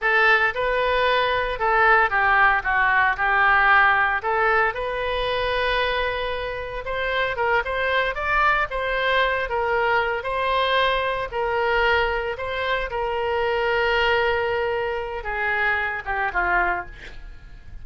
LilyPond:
\new Staff \with { instrumentName = "oboe" } { \time 4/4 \tempo 4 = 114 a'4 b'2 a'4 | g'4 fis'4 g'2 | a'4 b'2.~ | b'4 c''4 ais'8 c''4 d''8~ |
d''8 c''4. ais'4. c''8~ | c''4. ais'2 c''8~ | c''8 ais'2.~ ais'8~ | ais'4 gis'4. g'8 f'4 | }